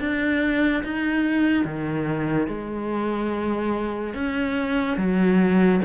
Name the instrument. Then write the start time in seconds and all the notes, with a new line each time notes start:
cello
0.00 D4
0.84 D#4
1.65 D#3
2.48 G#3
4.14 C#4
4.97 F#3